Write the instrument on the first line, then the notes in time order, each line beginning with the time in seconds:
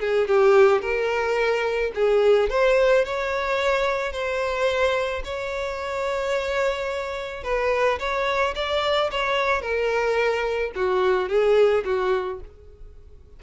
violin
0.00 G#4
0.28 G4
0.82 A#4
1.95 G#4
2.50 C5
3.05 C#5
4.12 C5
5.24 C#5
7.44 B4
7.99 C#5
8.55 D5
9.11 C#5
9.62 A#4
10.75 F#4
11.29 G#4
11.85 F#4